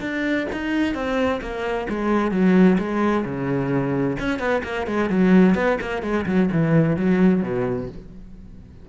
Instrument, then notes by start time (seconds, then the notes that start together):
cello
0.00 D4
0.52 D#4
0.94 C4
1.41 A#3
1.89 G#3
2.31 F#3
2.78 G#3
3.25 C#3
4.19 C#4
4.39 B3
4.63 A#3
4.87 G#3
5.09 F#3
5.54 B3
5.81 A#3
6.02 G#3
6.26 F#3
6.52 E3
6.96 F#3
7.42 B2